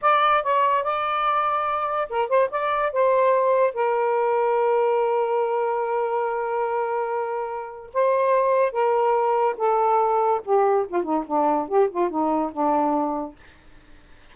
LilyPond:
\new Staff \with { instrumentName = "saxophone" } { \time 4/4 \tempo 4 = 144 d''4 cis''4 d''2~ | d''4 ais'8 c''8 d''4 c''4~ | c''4 ais'2.~ | ais'1~ |
ais'2. c''4~ | c''4 ais'2 a'4~ | a'4 g'4 f'8 dis'8 d'4 | g'8 f'8 dis'4 d'2 | }